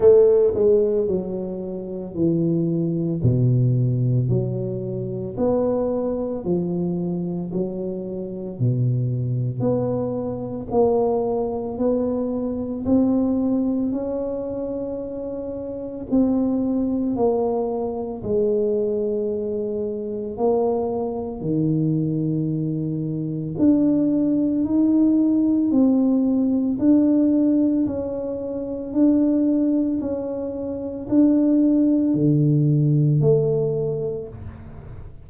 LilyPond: \new Staff \with { instrumentName = "tuba" } { \time 4/4 \tempo 4 = 56 a8 gis8 fis4 e4 b,4 | fis4 b4 f4 fis4 | b,4 b4 ais4 b4 | c'4 cis'2 c'4 |
ais4 gis2 ais4 | dis2 d'4 dis'4 | c'4 d'4 cis'4 d'4 | cis'4 d'4 d4 a4 | }